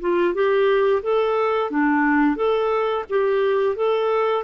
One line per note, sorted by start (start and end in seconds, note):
0.00 0.34 F4
0.34 1.02 G4
1.03 1.71 A4
1.71 2.36 D4
2.36 3.04 A4
3.09 3.76 G4
3.76 4.44 A4